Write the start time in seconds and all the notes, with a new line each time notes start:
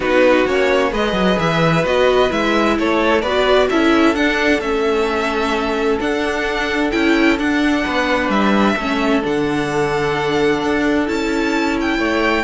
0.00 B3 D#4 F#4 B4
0.46 A#3 C#4 C#5
0.91 G#3 G#4 B4 D#5
1.12 F#3
1.38 E3 E5
1.84 B3 F#4 D#5
2.29 G#3 E4 E5
2.77 A3 A4 C#5
3.21 B3 F#4 B4 D5
3.69 C#4 E4 A4 E5
4.14 D4 F#5
4.60 A3 C#4 E5
6.00 D4 F#5
6.91 C#4 E4 G5
7.38 D4 F#5
7.83 B3 B4
8.28 G3 E5
8.75 A3 C#4 A4
9.21 D3 D4 F#5
10.63 D4
11.06 C#4 E4 A5
11.81 G5
11.97 A3 C#5